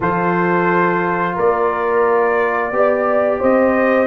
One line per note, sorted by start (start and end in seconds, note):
0.00 1.36 F3
0.00 2.73 F4
0.00 1.34 A4
0.00 1.38 C5
1.34 2.71 A#3
1.34 2.71 A#4
1.34 3.42 D5
2.71 3.39 B3
2.71 4.06 G4
2.71 3.39 D5
3.39 4.06 C4
3.39 4.06 C5
3.39 4.06 D#5